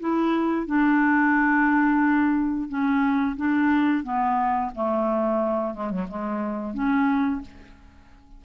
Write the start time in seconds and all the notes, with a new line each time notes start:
0.00 E4
0.67 D4
2.69 C#4
3.37 D4
4.04 B3
4.75 A3
5.74 G#3
5.91 F#3
6.08 G#3
6.74 C#4